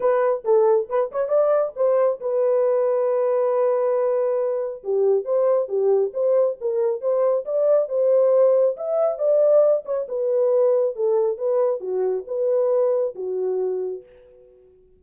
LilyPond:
\new Staff \with { instrumentName = "horn" } { \time 4/4 \tempo 4 = 137 b'4 a'4 b'8 cis''8 d''4 | c''4 b'2.~ | b'2. g'4 | c''4 g'4 c''4 ais'4 |
c''4 d''4 c''2 | e''4 d''4. cis''8 b'4~ | b'4 a'4 b'4 fis'4 | b'2 fis'2 | }